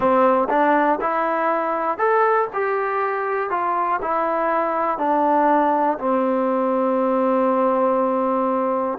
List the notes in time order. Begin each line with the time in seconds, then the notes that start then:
0.00 C4
0.49 D4
1.00 E4
1.98 A4
2.53 G4
3.50 F4
4.01 E4
4.97 D4
5.98 C4